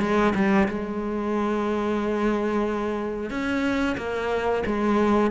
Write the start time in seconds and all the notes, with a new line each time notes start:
0.00 G#3
0.35 G3
0.68 G#3
3.30 C#4
3.97 A#3
4.66 G#3